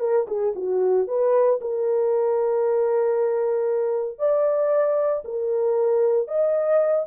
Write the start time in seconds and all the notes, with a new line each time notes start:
0.00 A#4
0.28 G#4
0.55 F#4
1.07 B4
1.61 A#4
4.19 D5
5.25 A#4
6.28 D#5